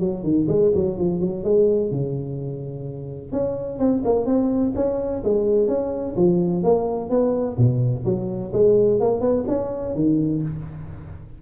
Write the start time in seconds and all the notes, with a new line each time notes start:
0.00 F#3
0.23 D#3
0.48 G#3
0.75 F#3
0.98 F3
1.20 F#3
1.44 G#3
1.91 C#3
3.32 C#4
3.79 C4
4.05 A#3
4.26 C4
4.76 C#4
5.24 G#3
5.68 C#4
6.16 F3
6.63 A#3
7.10 B3
7.58 B2
8.05 F#3
8.53 G#3
9.00 A#3
9.21 B3
9.48 C#4
9.95 D#3